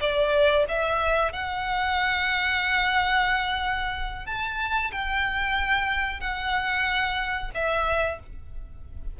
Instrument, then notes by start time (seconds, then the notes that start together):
violin
0.00 D5
0.68 E5
1.32 F#5
4.26 A5
4.91 G5
6.20 F#5
7.54 E5